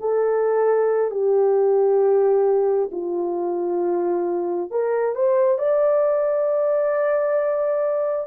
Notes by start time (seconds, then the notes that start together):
0.00 A4
1.11 G4
2.91 F4
4.71 A#4
5.15 C5
5.58 D5